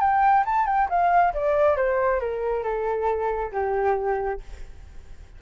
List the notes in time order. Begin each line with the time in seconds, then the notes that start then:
0.00 G5
0.45 A5
0.66 G5
0.89 F5
1.34 D5
1.76 C5
2.20 A#4
2.63 A4
3.52 G4